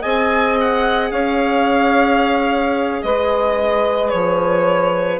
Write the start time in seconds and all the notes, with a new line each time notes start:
0.00 C4 G#4 D#5 G#5
0.60 F#5
1.11 C#4 C#5 F5
3.02 G#3 B4 D#5
4.09 F3 C#5